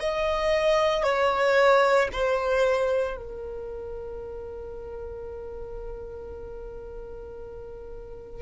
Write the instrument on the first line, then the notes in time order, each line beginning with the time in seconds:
violin
0.00 D#5
1.03 C#5
2.13 C5
3.17 A#4